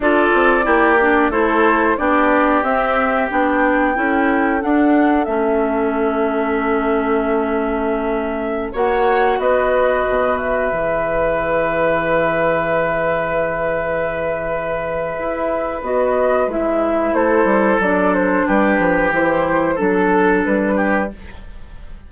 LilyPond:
<<
  \new Staff \with { instrumentName = "flute" } { \time 4/4 \tempo 4 = 91 d''2 c''4 d''4 | e''4 g''2 fis''4 | e''1~ | e''4~ e''16 fis''4 dis''4. e''16~ |
e''1~ | e''1 | dis''4 e''4 c''4 d''8 c''8 | b'4 c''4 a'4 b'4 | }
  \new Staff \with { instrumentName = "oboe" } { \time 4/4 a'4 g'4 a'4 g'4~ | g'2 a'2~ | a'1~ | a'4~ a'16 cis''4 b'4.~ b'16~ |
b'1~ | b'1~ | b'2 a'2 | g'2 a'4. g'8 | }
  \new Staff \with { instrumentName = "clarinet" } { \time 4/4 f'4 e'8 d'8 e'4 d'4 | c'4 d'4 e'4 d'4 | cis'1~ | cis'4~ cis'16 fis'2~ fis'8.~ |
fis'16 gis'2.~ gis'8.~ | gis'1 | fis'4 e'2 d'4~ | d'4 e'4 d'2 | }
  \new Staff \with { instrumentName = "bassoon" } { \time 4/4 d'8 c'8 ais4 a4 b4 | c'4 b4 cis'4 d'4 | a1~ | a4~ a16 ais4 b4 b,8.~ |
b,16 e2.~ e8.~ | e2. e'4 | b4 gis4 a8 g8 fis4 | g8 f8 e4 fis4 g4 | }
>>